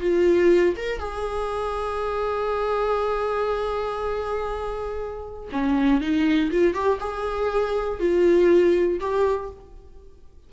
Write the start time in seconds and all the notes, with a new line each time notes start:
0.00 F4
0.76 A#4
0.99 G#4
5.52 C#4
6.00 D#4
6.51 F4
6.73 G4
7.00 G#4
7.99 F4
9.00 G4